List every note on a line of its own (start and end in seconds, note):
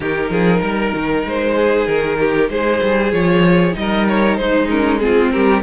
0.00 0.29 D#3
0.00 3.12 D#4
0.00 0.31 G4
0.00 1.26 A#4
0.29 0.61 F3
0.29 0.60 G#4
0.60 0.93 G3
0.60 1.53 A#4
0.94 1.24 D#3
1.24 1.86 G#3
1.24 1.87 C5
1.56 2.18 G#4
1.87 2.49 D#3
1.87 2.49 A#4
2.18 2.50 G4
2.49 2.80 G#3
2.49 3.75 G#4
2.49 3.12 C5
2.82 3.12 G3
3.12 3.75 F3
3.12 3.72 F4
3.12 3.75 C#5
3.72 4.38 G3
3.72 4.66 D#4
3.72 4.07 D#5
3.80 4.40 A#4
4.07 4.36 C#5
4.36 5.32 G#3
4.36 5.02 D#4
4.36 4.67 C5
4.69 5.00 C#4
4.69 4.99 A#4
4.99 5.62 C4
4.99 5.33 F4
4.99 5.30 G#4
5.31 5.63 G3
5.31 5.63 G4
5.31 5.62 A#4